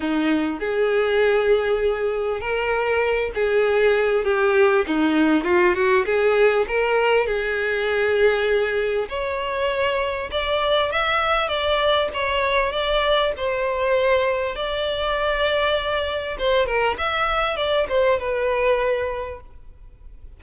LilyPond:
\new Staff \with { instrumentName = "violin" } { \time 4/4 \tempo 4 = 99 dis'4 gis'2. | ais'4. gis'4. g'4 | dis'4 f'8 fis'8 gis'4 ais'4 | gis'2. cis''4~ |
cis''4 d''4 e''4 d''4 | cis''4 d''4 c''2 | d''2. c''8 ais'8 | e''4 d''8 c''8 b'2 | }